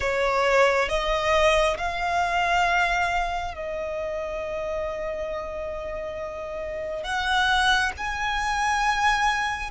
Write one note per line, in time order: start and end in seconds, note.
0.00 0.88 C#5
0.88 1.76 D#5
1.77 3.54 F5
3.54 7.03 D#5
7.03 7.91 F#5
7.97 9.70 G#5